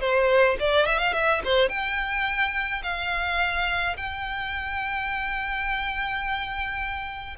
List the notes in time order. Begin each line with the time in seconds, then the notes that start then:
0.00 C5
0.59 D5
0.85 E5
0.99 F5
1.13 E5
1.44 C5
1.69 G5
2.83 F5
3.97 G5